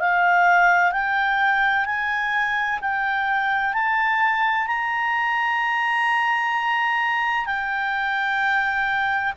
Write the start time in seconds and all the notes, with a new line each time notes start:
0.00 F5
0.92 G5
1.85 G#5
2.81 G5
3.73 A5
4.67 A#5
7.45 G5